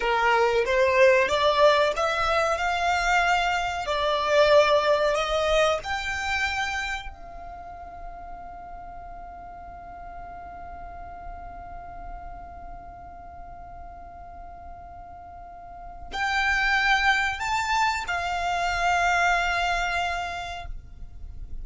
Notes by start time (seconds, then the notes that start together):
0.00 A#4
0.65 C5
1.28 D5
1.96 E5
2.57 F5
3.86 D5
5.14 D#5
5.83 G5
7.09 F5
16.12 G5
17.39 A5
18.07 F5